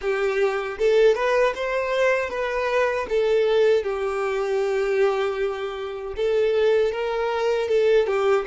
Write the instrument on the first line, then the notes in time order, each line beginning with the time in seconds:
violin
0.01 G4
0.78 A4
1.15 B4
1.55 C5
2.29 B4
3.09 A4
3.83 G4
6.16 A4
6.92 A#4
7.68 A4
8.06 G4